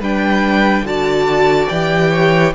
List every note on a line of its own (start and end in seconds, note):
0.00 0.83 G3
0.00 0.86 D4
0.00 0.85 B4
0.00 0.87 G5
0.83 1.67 D3
0.83 1.70 F#4
0.83 2.11 D5
0.83 1.69 A5
1.69 2.55 E3
1.69 2.55 G4
1.69 2.54 G5
2.11 2.53 C#5